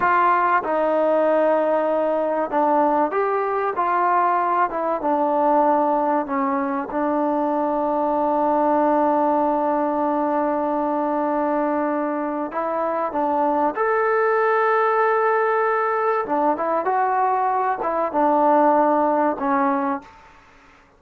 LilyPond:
\new Staff \with { instrumentName = "trombone" } { \time 4/4 \tempo 4 = 96 f'4 dis'2. | d'4 g'4 f'4. e'8 | d'2 cis'4 d'4~ | d'1~ |
d'1 | e'4 d'4 a'2~ | a'2 d'8 e'8 fis'4~ | fis'8 e'8 d'2 cis'4 | }